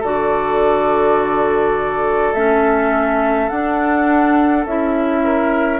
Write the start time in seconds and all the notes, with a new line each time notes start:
0.00 D3 F#4 A4 D5
2.34 A3 C#4 E5
3.49 D4 F#5
4.66 C#4 E4 E5
5.24 A#4